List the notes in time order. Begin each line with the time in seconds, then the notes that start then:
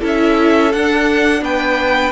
0.00 C#4 E4 A4
0.07 E5
0.72 D4 F#5
1.41 B3 B4 G5